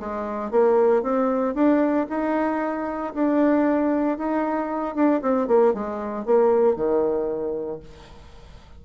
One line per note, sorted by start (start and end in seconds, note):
0.00 0.51 G#3
0.51 1.03 A#3
1.03 1.55 C4
1.55 2.07 D4
2.10 3.14 D#4
3.14 4.18 D4
4.18 4.95 D#4
4.95 5.22 D4
5.22 5.48 C4
5.48 5.74 A#3
5.74 6.26 G#3
6.26 6.76 A#3
6.76 7.80 D#3